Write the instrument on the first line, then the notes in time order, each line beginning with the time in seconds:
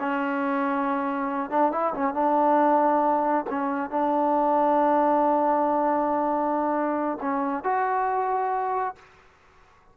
trombone
0.00 C#4
1.50 D4
1.72 E4
1.94 C#4
2.14 D4
3.50 C#4
3.90 D4
7.21 C#4
7.64 F#4